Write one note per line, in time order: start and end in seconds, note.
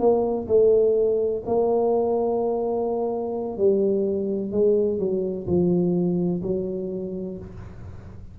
0.00 0.48 A#3
0.48 1.43 A3
1.47 3.58 A#3
3.58 4.52 G3
4.52 5.00 G#3
5.00 5.47 F#3
5.47 6.42 F3
6.43 7.39 F#3